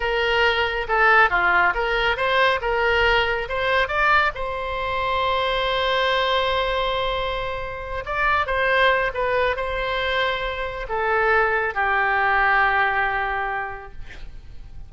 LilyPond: \new Staff \with { instrumentName = "oboe" } { \time 4/4 \tempo 4 = 138 ais'2 a'4 f'4 | ais'4 c''4 ais'2 | c''4 d''4 c''2~ | c''1~ |
c''2~ c''8 d''4 c''8~ | c''4 b'4 c''2~ | c''4 a'2 g'4~ | g'1 | }